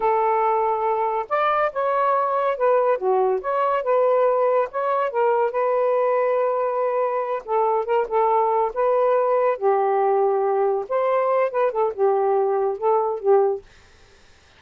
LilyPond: \new Staff \with { instrumentName = "saxophone" } { \time 4/4 \tempo 4 = 141 a'2. d''4 | cis''2 b'4 fis'4 | cis''4 b'2 cis''4 | ais'4 b'2.~ |
b'4. a'4 ais'8 a'4~ | a'8 b'2 g'4.~ | g'4. c''4. b'8 a'8 | g'2 a'4 g'4 | }